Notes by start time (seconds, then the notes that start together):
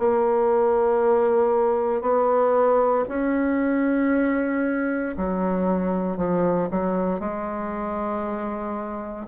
0.00 A#3
2.02 B3
3.09 C#4
5.18 F#3
6.17 F3
6.71 F#3
7.20 G#3